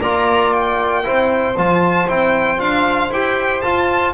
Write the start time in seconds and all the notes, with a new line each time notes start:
0.00 A#3 F4 D5 A#5
0.53 G5
1.04 C4 E4 C5
1.57 F3 F4 A5
2.08 C4 E4 G5
2.58 D4 F4 F5
3.11 E4 G4 G5
3.61 F4 A5